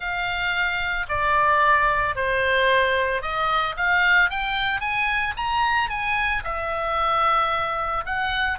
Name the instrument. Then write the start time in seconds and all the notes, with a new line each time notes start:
oboe
0.00 F5
1.09 D5
2.15 C5
3.21 D#5
3.76 F5
4.30 G5
4.80 G#5
5.36 A#5
5.89 G#5
6.43 E5
8.05 F#5